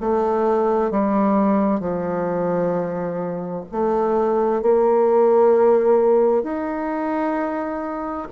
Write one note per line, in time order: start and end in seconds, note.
0.00 0.91 A3
0.91 1.80 G3
1.80 3.65 F3
3.71 4.62 A3
4.62 6.43 A#3
6.43 8.28 D#4